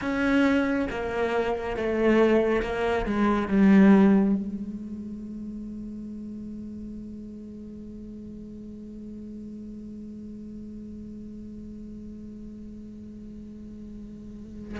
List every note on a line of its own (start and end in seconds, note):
0.01 0.88 C#4
0.90 1.76 A#3
1.76 2.62 A3
2.62 3.05 A#3
3.05 3.48 G#3
3.48 4.35 G3
4.35 14.78 G#3